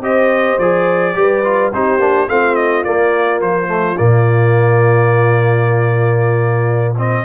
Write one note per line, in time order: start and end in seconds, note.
0.00 0.57 C4
0.00 0.59 G4
0.00 1.16 C5
0.00 0.58 D#5
0.58 1.15 F3
0.58 1.14 G#4
0.58 1.72 D5
1.14 1.72 G3
1.14 1.43 G4
1.14 1.73 B4
1.44 1.72 F4
1.72 1.99 C4
1.72 1.99 D#4
1.72 2.30 G4
1.72 2.29 C5
1.99 2.27 A#3
1.99 2.28 D4
2.27 2.84 A3
2.27 2.85 C4
2.27 7.24 F4
2.27 2.55 F5
2.55 2.83 D#5
2.83 3.67 A#3
2.83 3.41 A#3
2.83 3.40 D5
3.41 3.98 F3
3.41 3.97 C5
3.67 3.95 A3
3.97 7.24 A#2
3.97 6.94 A#3
3.97 6.94 D5
6.97 7.24 C4
6.97 7.24 D#5